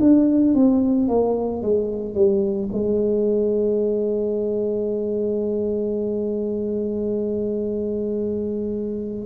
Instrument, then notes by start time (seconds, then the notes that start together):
tuba
0.00 D4
0.55 C4
1.09 A#3
1.63 G#3
2.15 G3
2.73 G#3